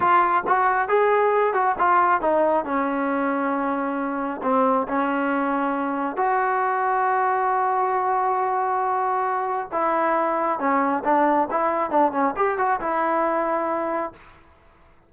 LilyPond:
\new Staff \with { instrumentName = "trombone" } { \time 4/4 \tempo 4 = 136 f'4 fis'4 gis'4. fis'8 | f'4 dis'4 cis'2~ | cis'2 c'4 cis'4~ | cis'2 fis'2~ |
fis'1~ | fis'2 e'2 | cis'4 d'4 e'4 d'8 cis'8 | g'8 fis'8 e'2. | }